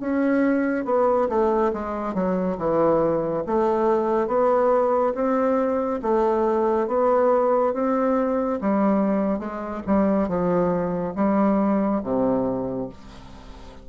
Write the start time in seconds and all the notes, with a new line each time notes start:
0.00 C#4
0.85 B3
1.29 A3
1.73 G#3
2.14 F#3
2.58 E3
3.47 A3
4.28 B3
5.15 C4
6.03 A3
6.88 B3
7.74 C4
8.61 G3
9.39 G#3
9.87 G3
10.28 F3
11.16 G3
12.04 C3